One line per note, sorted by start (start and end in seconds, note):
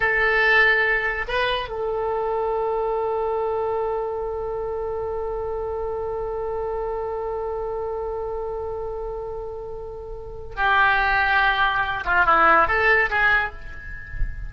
0.00 1.25 A4
1.28 1.69 B4
1.69 10.56 A4
10.56 12.04 G4
12.04 12.25 F4
12.25 12.67 E4
12.67 13.09 A4
13.09 13.52 G#4